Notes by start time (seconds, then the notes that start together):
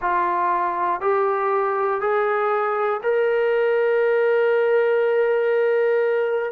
0.01 F4
1.00 G4
2.00 G#4
3.02 A#4